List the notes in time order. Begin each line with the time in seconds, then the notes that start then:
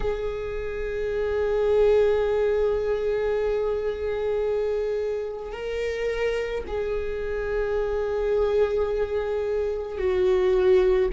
0.00 G#4
5.52 A#4
6.67 G#4
9.97 F#4